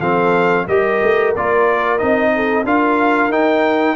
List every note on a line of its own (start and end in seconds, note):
0.00 0.67 F3
0.00 0.68 C4
0.00 0.66 A4
0.00 0.67 F5
0.68 1.01 G3
0.68 1.35 G4
0.68 2.33 A#4
0.68 1.34 D#5
1.03 1.36 A3
1.36 2.02 A#3
1.36 1.99 F4
1.36 1.99 D5
1.99 2.65 C4
1.99 2.65 D#4
1.99 2.65 D#5
2.36 2.64 A4
2.64 3.29 D4
2.64 3.32 F4
2.64 3.96 A#4
2.64 3.33 F5
3.29 3.95 D#4
3.29 3.96 D#4
3.29 3.96 G5